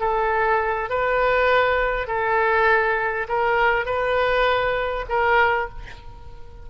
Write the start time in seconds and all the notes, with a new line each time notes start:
0.00 A4
0.90 B4
2.07 A4
3.28 A#4
3.85 B4
5.09 A#4